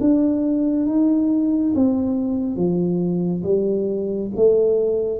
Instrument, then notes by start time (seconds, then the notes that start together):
tuba
0.00 D4
0.86 D#4
1.75 C4
2.56 F3
3.43 G3
4.36 A3